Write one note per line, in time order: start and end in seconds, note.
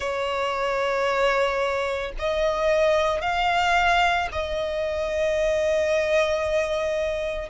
0.00 2.12 C#5
2.19 3.21 D#5
3.21 4.28 F5
4.31 7.49 D#5